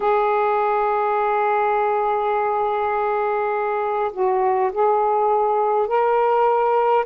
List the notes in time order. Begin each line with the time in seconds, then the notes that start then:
0.00 G#4
4.12 F#4
4.72 G#4
5.87 A#4